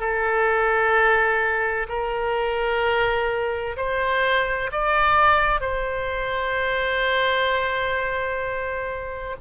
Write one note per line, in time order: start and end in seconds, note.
0.00 1.87 A4
1.89 3.77 A#4
3.77 4.71 C5
4.72 5.61 D5
5.61 9.36 C5